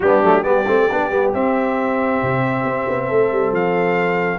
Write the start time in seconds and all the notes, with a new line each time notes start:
0.00 G3 B3 D4 G4
0.22 F#3 A3
0.41 G3 B3 G4 D5
0.67 A3 C4
0.91 B3 D4
1.10 G3 B3
1.33 C4 E5
2.22 C3
2.64 C4
2.88 B3
3.07 A3 A4
3.31 G3
3.51 F3 F5